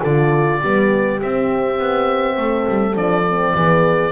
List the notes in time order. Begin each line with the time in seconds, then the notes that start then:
0.00 D3 F4 A4 D5
0.60 G3 B3 G4
1.21 C4 E5
1.78 B3
2.36 A3 A4
2.68 G3
2.95 F3 D4 D5
3.29 C4
3.54 E3 B3 G#4